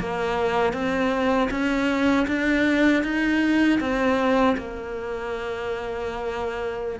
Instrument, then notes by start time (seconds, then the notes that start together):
cello
0.00 A#3
0.73 C4
1.51 C#4
2.28 D4
3.03 D#4
3.80 C4
4.57 A#3